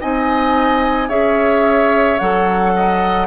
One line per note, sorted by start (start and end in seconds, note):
0.00 1.09 C4
0.00 1.09 D#4
0.00 1.08 D#5
0.00 1.09 G#5
1.08 2.18 C#4
1.08 2.18 G#4
1.08 2.72 C#5
1.08 2.18 E5
2.18 3.27 F#3
2.18 3.27 A4
2.18 3.27 F#5
2.76 3.27 D#5